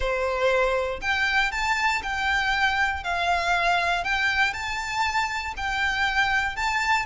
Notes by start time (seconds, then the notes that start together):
0.00 C5
1.01 G5
1.51 A5
2.02 G5
3.03 F5
4.04 G5
4.53 A5
5.56 G5
6.56 A5